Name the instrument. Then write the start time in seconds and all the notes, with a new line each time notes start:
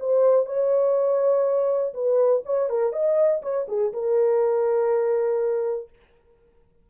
horn
0.00 C5
0.46 C#5
1.94 B4
2.45 C#5
2.70 A#4
2.93 D#5
3.42 C#5
3.68 G#4
3.93 A#4